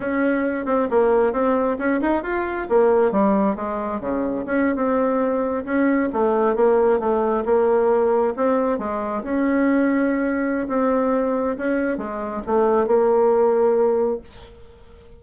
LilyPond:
\new Staff \with { instrumentName = "bassoon" } { \time 4/4 \tempo 4 = 135 cis'4. c'8 ais4 c'4 | cis'8 dis'8 f'4 ais4 g4 | gis4 cis4 cis'8. c'4~ c'16~ | c'8. cis'4 a4 ais4 a16~ |
a8. ais2 c'4 gis16~ | gis8. cis'2.~ cis'16 | c'2 cis'4 gis4 | a4 ais2. | }